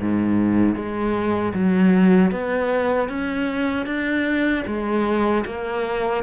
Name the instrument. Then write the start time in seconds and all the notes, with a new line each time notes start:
cello
0.00 G#2
0.75 G#3
1.54 F#3
2.31 B3
3.09 C#4
3.86 D4
4.67 G#3
5.45 A#3